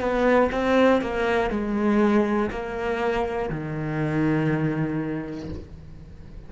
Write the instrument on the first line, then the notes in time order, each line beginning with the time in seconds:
cello
0.00 B3
0.51 C4
1.01 A#3
1.50 G#3
2.51 A#3
3.49 D#3